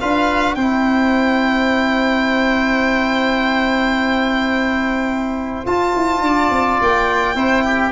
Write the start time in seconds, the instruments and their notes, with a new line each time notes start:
0.00 tuba D4, trombone F4, oboe B4, violin F5
0.55 tuba C4, trombone E4, oboe C5, violin G5
5.66 tuba F4, trombone F4, violin A5
5.95 tuba E4
6.21 tuba D4, oboe D5
6.50 tuba C4
6.81 tuba A#3, violin G5
7.35 tuba C4, trombone E4, oboe C5
7.65 oboe G4